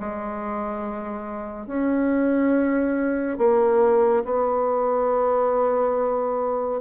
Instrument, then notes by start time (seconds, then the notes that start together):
bassoon
0.00 G#3
1.67 C#4
3.38 A#3
4.25 B3